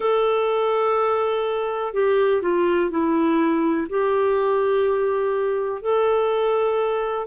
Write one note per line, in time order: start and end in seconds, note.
0.00 1.93 A4
1.93 2.41 G4
2.42 2.90 F4
2.90 3.87 E4
3.89 5.81 G4
5.81 7.26 A4